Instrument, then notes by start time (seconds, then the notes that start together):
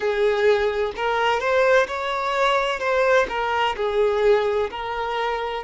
violin
0.00 G#4
0.95 A#4
1.40 C5
1.87 C#5
2.79 C5
3.28 A#4
3.76 G#4
4.70 A#4